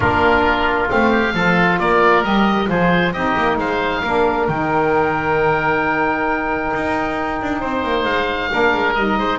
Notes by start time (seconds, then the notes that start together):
0.00 A#3 D4 F4 A#4
0.87 A3 C4 F5
1.10 G4
1.34 F3 F4 A4
1.79 A#3 A#4 D5
2.23 G3 G4 D#5
2.65 F3 F4 G#4 C5
3.12 C4 D#4 G4 D#5
3.37 A#3
3.57 G#3 C5 F5
4.02 A#3 D4 A#4
4.47 D#3 D#4 G5
6.73 D#4
7.41 D4
7.60 C4 C5
7.83 A#3
8.04 G#3 F5
8.50 A#3 D4 A#4
8.74 G#3
8.94 G3 D#4 D#5
9.18 G#3 C5